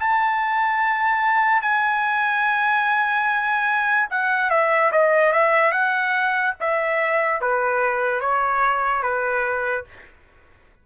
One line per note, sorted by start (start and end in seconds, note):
0.00 1.62 A5
1.62 4.09 G#5
4.11 4.51 F#5
4.51 4.92 E5
4.92 5.33 D#5
5.33 5.72 E5
5.72 6.55 F#5
6.61 7.41 E5
7.41 8.21 B4
8.21 9.03 C#5
9.03 9.85 B4